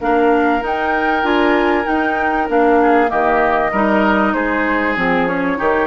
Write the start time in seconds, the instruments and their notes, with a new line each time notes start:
0.00 bassoon A#3, clarinet D4, oboe A#4, flute F5
0.60 clarinet D#4, bassoon D#4, flute G5
1.22 bassoon D4, clarinet F4, flute G#5
1.85 clarinet D#4, bassoon D#4, flute G5
2.48 bassoon A#3, clarinet D4, flute F5
2.81 oboe G#4
3.07 bassoon D#3, clarinet A#3, oboe G4, flute D#5
3.71 bassoon G3, clarinet D#4, oboe A#4
4.33 bassoon G#3, oboe G#4, flute C5
4.96 bassoon F3, clarinet C4, flute G#4
5.26 clarinet C#4, flute C#5
5.57 bassoon D#3, clarinet D#4, oboe G4